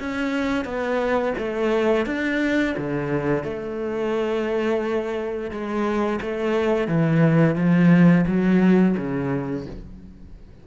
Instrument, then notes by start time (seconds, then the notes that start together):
cello
0.00 C#4
0.65 B3
1.38 A3
2.06 D4
2.78 D3
3.44 A3
5.51 G#3
6.21 A3
6.88 E3
7.56 F3
8.27 F#3
8.97 C#3